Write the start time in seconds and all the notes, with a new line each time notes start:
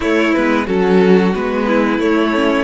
0.00 A3 E4 C#5
0.33 G#3 B3 B4
0.66 F#3 C#4 F#4 A4
1.33 G#3 B3 B4
1.67 E4
1.98 A3 C#5
2.33 C#4